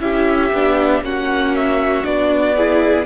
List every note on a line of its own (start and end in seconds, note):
0.00 0.51 C#4
0.00 0.51 E4
0.00 1.04 G4
0.00 1.02 E5
0.52 1.01 B3
0.52 1.03 D4
1.01 2.03 A#3
1.01 2.04 C#4
1.01 2.56 F#4
1.01 1.55 F#5
1.55 2.04 E5
2.04 3.05 B3
2.04 2.55 D4
2.04 3.05 D5
2.56 3.05 E4
2.56 3.05 G#4